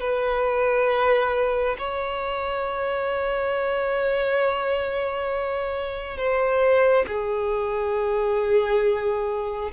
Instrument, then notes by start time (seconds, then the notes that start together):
violin
0.00 B4
1.78 C#5
6.17 C5
7.07 G#4